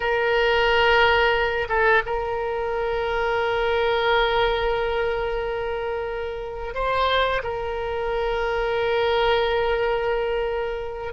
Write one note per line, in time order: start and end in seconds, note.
0.00 1.67 A#4
1.69 2.02 A4
2.06 6.74 A#4
6.74 7.42 C5
7.43 11.13 A#4